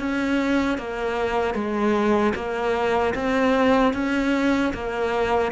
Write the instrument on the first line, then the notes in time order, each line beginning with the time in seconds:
cello
0.00 C#4
0.78 A#3
1.54 G#3
2.35 A#3
3.15 C4
3.94 C#4
4.74 A#3